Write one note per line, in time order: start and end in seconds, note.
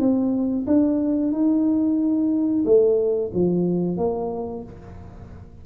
0.00 0.66 C4
0.67 1.32 D4
1.32 2.64 D#4
2.65 3.31 A3
3.34 3.97 F3
3.97 4.63 A#3